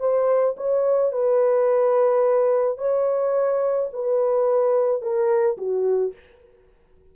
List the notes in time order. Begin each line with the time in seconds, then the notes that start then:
0.00 C5
0.57 C#5
1.12 B4
2.78 C#5
3.93 B4
5.02 A#4
5.58 F#4